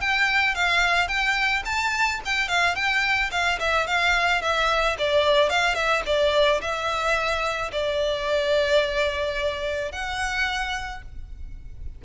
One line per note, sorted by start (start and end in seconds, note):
0.00 0.54 G5
0.54 1.07 F5
1.07 1.62 G5
1.65 2.20 A5
2.25 2.48 G5
2.48 2.75 F5
2.75 3.30 G5
3.31 3.58 F5
3.59 3.86 E5
3.86 4.41 F5
4.41 4.96 E5
4.98 5.49 D5
5.49 5.74 F5
5.74 6.02 E5
6.06 6.61 D5
6.61 7.71 E5
7.71 9.91 D5
9.91 11.01 F#5